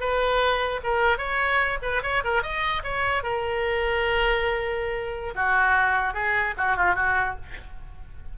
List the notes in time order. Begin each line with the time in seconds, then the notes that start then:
0.00 B4
0.83 A#4
1.18 C#5
1.82 B4
2.03 C#5
2.24 A#4
2.42 D#5
2.83 C#5
3.23 A#4
5.35 F#4
6.14 G#4
6.57 F#4
6.76 F4
6.95 F#4